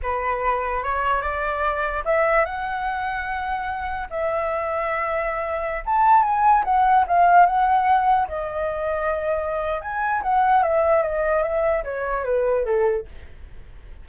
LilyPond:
\new Staff \with { instrumentName = "flute" } { \time 4/4 \tempo 4 = 147 b'2 cis''4 d''4~ | d''4 e''4 fis''2~ | fis''2 e''2~ | e''2~ e''16 a''4 gis''8.~ |
gis''16 fis''4 f''4 fis''4.~ fis''16~ | fis''16 dis''2.~ dis''8. | gis''4 fis''4 e''4 dis''4 | e''4 cis''4 b'4 a'4 | }